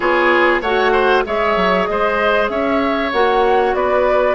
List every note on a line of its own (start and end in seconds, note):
0.00 0.61 B3
0.00 0.62 F4
0.00 0.61 G#4
0.00 0.60 C#5
0.61 1.23 A3
0.61 1.24 F#4
0.61 0.92 C#5
0.61 1.24 F#5
0.92 1.23 C5
1.24 1.56 G#3
1.24 3.12 G#4
1.24 1.88 C#5
1.24 1.85 E5
1.56 1.87 F#3
1.85 2.49 G#3
1.85 2.51 C5
1.85 2.47 D#5
2.49 3.11 C#4
2.49 3.76 C#5
2.49 3.11 E5
3.12 3.74 A#3
3.12 4.35 F#4
3.12 3.74 F#5
3.74 4.35 B3
3.74 4.35 B4
3.74 4.35 D5